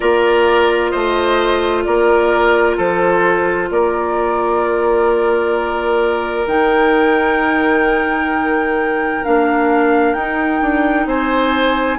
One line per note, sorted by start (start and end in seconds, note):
0.00 0.94 A#3
0.00 6.45 F4
0.00 0.91 A#4
0.00 0.90 D5
0.90 1.86 A3
0.90 1.83 C5
0.90 1.82 D#5
1.83 2.78 A#3
1.83 2.77 A#4
1.83 2.76 D5
2.77 3.70 F3
2.77 3.69 A4
2.77 3.70 C5
3.70 6.46 A#3
3.70 11.07 A#4
3.70 6.47 D5
6.46 9.22 D#3
6.46 9.23 D#4
6.46 9.24 G5
9.23 10.14 A#3
9.23 10.16 D4
9.23 10.13 F5
10.13 10.60 D#4
10.13 11.98 D#4
10.13 11.06 G5
10.61 11.06 D4
11.06 11.98 C4
11.06 11.98 C5
11.06 11.98 G#5